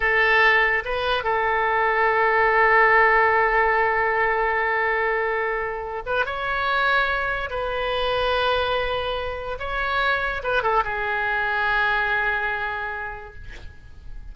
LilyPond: \new Staff \with { instrumentName = "oboe" } { \time 4/4 \tempo 4 = 144 a'2 b'4 a'4~ | a'1~ | a'1~ | a'2~ a'8 b'8 cis''4~ |
cis''2 b'2~ | b'2. cis''4~ | cis''4 b'8 a'8 gis'2~ | gis'1 | }